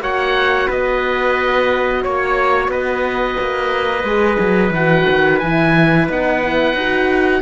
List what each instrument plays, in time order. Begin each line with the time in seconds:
0.00 cello A#3, horn F#4, trumpet C#5, oboe F#5
0.68 cello B3, trumpet B4, oboe D#5
2.03 cello A#3, trumpet C#5, oboe C#5
2.68 cello B3, trumpet B4, oboe D#5
3.40 cello A#3
4.04 cello G#3, horn G#4
4.40 cello F#3
4.71 cello E3, oboe F#5
4.77 horn F#4
5.10 cello D#3
5.39 cello E3, horn E4, oboe G#5
6.08 cello B3, horn D#4, oboe F#5
6.42 horn E4
6.74 cello D#4, horn F#4